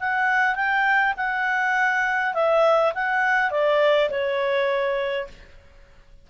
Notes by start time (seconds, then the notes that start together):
0.00 F#5
0.55 G5
1.17 F#5
2.34 E5
2.94 F#5
3.51 D5
4.10 C#5